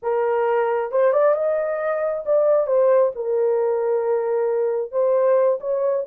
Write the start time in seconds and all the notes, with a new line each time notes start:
0.02 A#4
0.91 C5
1.13 D5
1.34 D#5
2.25 D5
2.66 C5
3.15 A#4
4.91 C5
5.60 C#5